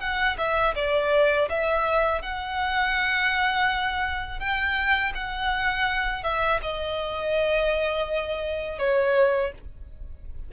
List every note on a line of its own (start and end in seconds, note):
0.00 0.37 F#5
0.38 0.74 E5
0.75 1.48 D5
1.49 2.22 E5
2.22 4.39 F#5
4.39 5.13 G5
5.15 6.24 F#5
6.24 6.60 E5
6.62 8.78 D#5
8.78 9.52 C#5